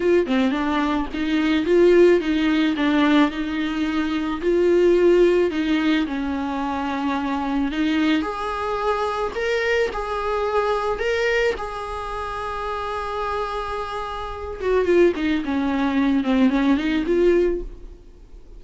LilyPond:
\new Staff \with { instrumentName = "viola" } { \time 4/4 \tempo 4 = 109 f'8 c'8 d'4 dis'4 f'4 | dis'4 d'4 dis'2 | f'2 dis'4 cis'4~ | cis'2 dis'4 gis'4~ |
gis'4 ais'4 gis'2 | ais'4 gis'2.~ | gis'2~ gis'8 fis'8 f'8 dis'8 | cis'4. c'8 cis'8 dis'8 f'4 | }